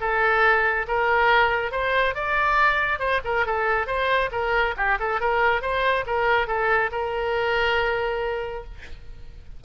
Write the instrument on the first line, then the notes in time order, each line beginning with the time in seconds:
oboe
0.00 A4
0.88 A#4
1.71 C5
2.15 D5
2.99 C5
3.24 A#4
3.46 A4
3.87 C5
4.32 A#4
4.77 G4
4.99 A4
5.20 A#4
5.61 C5
6.06 A#4
6.47 A4
6.91 A#4